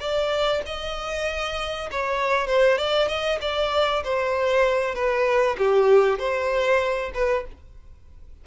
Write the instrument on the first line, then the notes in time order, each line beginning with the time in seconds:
violin
0.00 D5
0.66 D#5
1.91 C#5
2.47 C5
2.78 D5
3.08 D#5
3.41 D5
4.04 C5
4.95 B4
5.58 G4
6.19 C5
7.14 B4